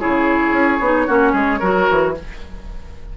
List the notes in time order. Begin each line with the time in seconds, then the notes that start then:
0.00 C#3 E4 G#4 C#5
0.52 C#4
0.81 B3 D#4
1.07 A#3 C#4 F#4
1.33 G#3 G#4
1.60 F#3 F#4 A#4
1.91 E3